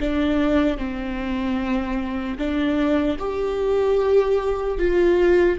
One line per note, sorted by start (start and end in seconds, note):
0.00 0.78 D4
0.78 2.38 C4
2.38 3.18 D4
3.19 4.79 G4
4.79 5.59 F4